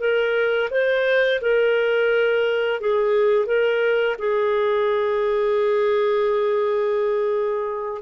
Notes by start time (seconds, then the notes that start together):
0.00 A#4
0.71 C5
1.42 A#4
2.81 G#4
3.47 A#4
4.19 G#4